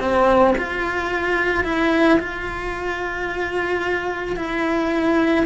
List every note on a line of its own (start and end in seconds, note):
0.00 0.55 C4
0.58 1.64 F4
1.64 2.19 E4
2.19 4.36 F4
4.36 5.45 E4